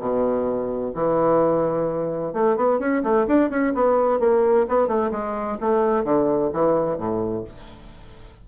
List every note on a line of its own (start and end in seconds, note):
0.00 0.93 B2
0.94 2.33 E3
2.33 2.56 A3
2.57 2.79 B3
2.79 3.03 C#4
3.03 3.26 A3
3.27 3.50 D4
3.50 3.73 C#4
3.74 4.20 B3
4.20 4.66 A#3
4.68 4.88 B3
4.88 5.11 A3
5.11 5.58 G#3
5.61 6.04 A3
6.04 6.51 D3
6.53 6.97 E3
6.97 7.44 A2